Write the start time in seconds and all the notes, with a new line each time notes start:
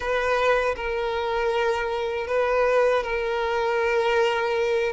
0.00 B4
0.76 A#4
2.27 B4
3.03 A#4